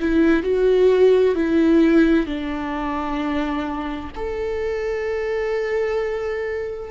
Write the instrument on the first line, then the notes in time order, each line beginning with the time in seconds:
viola
0.00 E4
0.43 F#4
1.35 E4
2.27 D4
4.16 A4